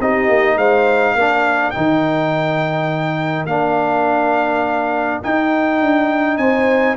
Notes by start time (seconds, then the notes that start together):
0.00 C4 D#4 G4 D#5
0.29 A#3
0.57 G#3 C5 F5
1.15 A#3 D4 A#4
1.71 D#4 G5
1.77 D#3
3.46 A#3 D4 F5
5.23 D#4 G5
5.81 D4
6.38 C4 C5 G#5